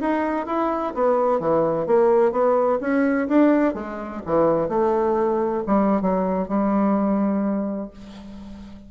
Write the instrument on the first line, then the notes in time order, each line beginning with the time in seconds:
bassoon
0.00 D#4
0.46 E4
0.94 B3
1.39 E3
1.86 A#3
2.31 B3
2.80 C#4
3.28 D4
3.74 G#3
4.25 E3
4.68 A3
5.66 G3
6.01 F#3
6.48 G3